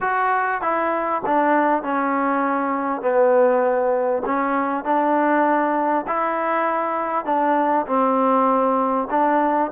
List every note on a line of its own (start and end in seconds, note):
0.01 0.61 F#4
0.61 1.22 E4
1.26 1.82 D4
1.82 3.01 C#4
3.01 4.22 B3
4.25 4.84 C#4
4.84 6.05 D4
6.07 7.25 E4
7.25 7.85 D4
7.87 9.08 C4
9.10 9.71 D4